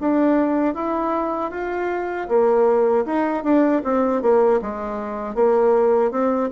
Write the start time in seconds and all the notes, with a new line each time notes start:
0.00 D4
0.74 E4
1.51 F4
2.28 A#3
3.06 D#4
3.43 D4
3.84 C4
4.22 A#3
4.61 G#3
5.34 A#3
6.11 C4